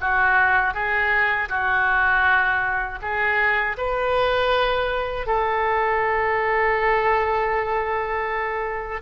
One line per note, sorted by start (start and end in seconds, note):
0.00 0.73 F#4
0.73 1.48 G#4
1.48 2.98 F#4
3.01 3.76 G#4
3.77 5.26 B4
5.26 9.01 A4